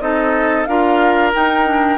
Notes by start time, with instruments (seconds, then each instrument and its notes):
0.00 bassoon C4, clarinet D#4, oboe A4, flute D#5
0.65 bassoon D4, clarinet F4, oboe A#4, flute F5
1.33 clarinet D#4, bassoon D#4, flute G5
1.65 clarinet D4